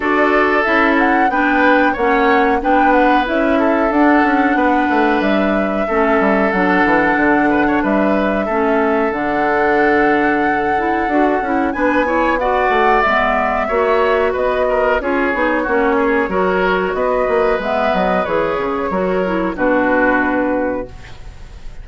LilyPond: <<
  \new Staff \with { instrumentName = "flute" } { \time 4/4 \tempo 4 = 92 d''4 e''8 fis''8 g''4 fis''4 | g''8 fis''8 e''4 fis''2 | e''2 fis''2 | e''2 fis''2~ |
fis''2 gis''4 fis''4 | e''2 dis''4 cis''4~ | cis''2 dis''4 e''8 dis''8 | cis''2 b'2 | }
  \new Staff \with { instrumentName = "oboe" } { \time 4/4 a'2 b'4 cis''4 | b'4. a'4. b'4~ | b'4 a'2~ a'8 b'16 cis''16 | b'4 a'2.~ |
a'2 b'8 cis''8 d''4~ | d''4 cis''4 b'8 ais'8 gis'4 | fis'8 gis'8 ais'4 b'2~ | b'4 ais'4 fis'2 | }
  \new Staff \with { instrumentName = "clarinet" } { \time 4/4 fis'4 e'4 d'4 cis'4 | d'4 e'4 d'2~ | d'4 cis'4 d'2~ | d'4 cis'4 d'2~ |
d'8 e'8 fis'8 e'8 d'8 e'8 fis'4 | b4 fis'2 f'8 dis'8 | cis'4 fis'2 b4 | gis'4 fis'8 e'8 d'2 | }
  \new Staff \with { instrumentName = "bassoon" } { \time 4/4 d'4 cis'4 b4 ais4 | b4 cis'4 d'8 cis'8 b8 a8 | g4 a8 g8 fis8 e8 d4 | g4 a4 d2~ |
d4 d'8 cis'8 b4. a8 | gis4 ais4 b4 cis'8 b8 | ais4 fis4 b8 ais8 gis8 fis8 | e8 cis8 fis4 b,2 | }
>>